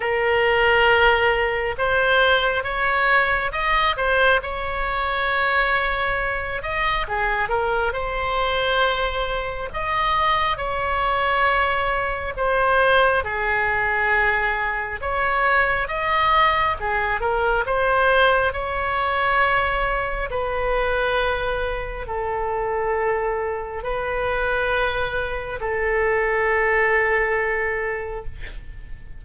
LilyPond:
\new Staff \with { instrumentName = "oboe" } { \time 4/4 \tempo 4 = 68 ais'2 c''4 cis''4 | dis''8 c''8 cis''2~ cis''8 dis''8 | gis'8 ais'8 c''2 dis''4 | cis''2 c''4 gis'4~ |
gis'4 cis''4 dis''4 gis'8 ais'8 | c''4 cis''2 b'4~ | b'4 a'2 b'4~ | b'4 a'2. | }